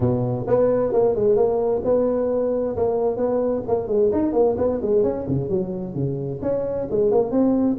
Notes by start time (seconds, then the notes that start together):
0.00 B2
0.47 B3
0.92 A#3
1.15 G#3
1.36 A#3
1.84 B3
2.76 A#3
3.16 B3
3.67 A#3
3.87 G#3
4.12 D#4
4.33 A#3
4.57 B3
4.82 G#3
5.03 C#4
5.28 C#3
5.49 F#3
5.94 C#3
6.41 C#4
6.90 G#3
7.11 A#3
7.31 C4